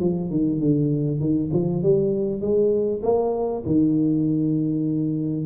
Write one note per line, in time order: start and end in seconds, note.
0.00 0.30 F3
0.30 0.60 D#3
0.60 1.20 D3
1.20 1.50 D#3
1.53 1.83 F3
1.83 2.41 G3
2.41 3.01 G#3
3.02 3.63 A#3
3.66 5.46 D#3